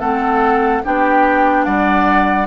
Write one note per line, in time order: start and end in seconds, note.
0.00 0.83 A3
0.00 0.83 C4
0.00 0.82 A4
0.00 0.83 F#5
0.84 1.66 B3
0.84 2.47 D4
0.84 1.66 G4
0.84 1.64 G5
1.64 2.47 G3
1.64 2.47 D5
1.64 2.47 F#5